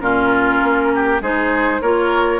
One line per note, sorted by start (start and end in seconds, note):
0.00 0.60 A#2
0.00 1.21 C#4
0.00 0.92 F4
0.00 1.20 A#4
0.62 1.21 A#3
0.94 1.21 G4
1.21 1.80 G#3
1.21 1.82 D#4
1.21 1.81 G#4
1.21 1.82 C5
1.81 2.40 A#3
1.81 2.40 F4
1.81 2.40 A#4
1.81 2.40 C#5